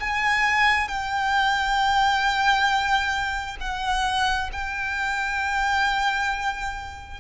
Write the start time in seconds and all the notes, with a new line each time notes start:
0.00 G#5
0.88 G5
3.61 F#5
4.53 G5